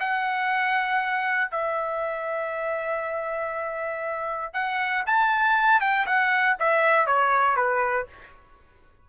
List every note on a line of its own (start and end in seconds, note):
0.00 1.51 F#5
1.51 4.54 E5
4.54 5.04 F#5
5.06 5.81 A5
5.81 6.06 G5
6.06 6.57 F#5
6.60 7.07 E5
7.07 7.56 C#5
7.56 8.06 B4